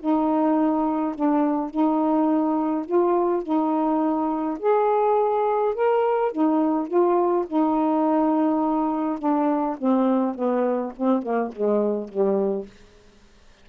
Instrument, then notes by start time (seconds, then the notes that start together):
saxophone
0.00 D#4
1.16 D4
1.71 D#4
2.86 F4
3.43 D#4
4.59 G#4
5.75 A#4
6.33 D#4
6.88 F4
7.47 D#4
9.19 D4
9.78 C4
10.35 B3
10.97 C4
11.23 A#3
11.53 G#3
12.09 G3